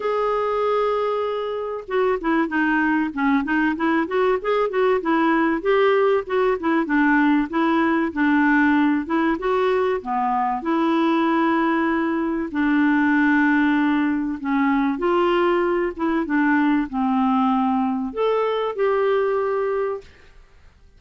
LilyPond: \new Staff \with { instrumentName = "clarinet" } { \time 4/4 \tempo 4 = 96 gis'2. fis'8 e'8 | dis'4 cis'8 dis'8 e'8 fis'8 gis'8 fis'8 | e'4 g'4 fis'8 e'8 d'4 | e'4 d'4. e'8 fis'4 |
b4 e'2. | d'2. cis'4 | f'4. e'8 d'4 c'4~ | c'4 a'4 g'2 | }